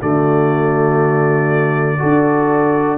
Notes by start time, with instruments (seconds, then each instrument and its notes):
0.00 tuba D3, trombone A3, horn F#4, trumpet D5
1.99 tuba D4, trombone F#4, horn A4